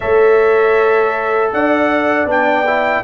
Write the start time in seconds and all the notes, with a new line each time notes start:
0.00 A3 A4 C#5 E5
1.52 D4 D5 F#5
2.25 B3 D4 G5
2.66 E4